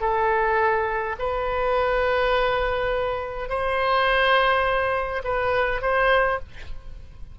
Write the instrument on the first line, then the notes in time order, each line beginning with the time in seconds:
oboe
0.00 A4
1.18 B4
3.49 C5
5.24 B4
5.81 C5